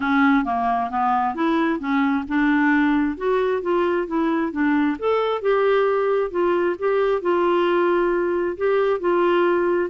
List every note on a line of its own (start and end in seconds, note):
0.00 0.44 C#4
0.44 0.90 A#3
0.90 1.34 B3
1.34 1.79 E4
1.79 2.24 C#4
2.28 3.17 D4
3.17 3.62 F#4
3.62 4.07 F4
4.07 4.52 E4
4.52 4.97 D4
4.98 5.41 A4
5.41 6.31 G4
6.31 6.75 F4
6.78 7.21 G4
7.21 8.57 F4
8.57 9.00 G4
9.00 9.89 F4